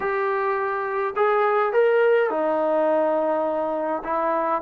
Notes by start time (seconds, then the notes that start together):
0.00 G4
1.16 G#4
1.72 A#4
2.29 D#4
4.04 E4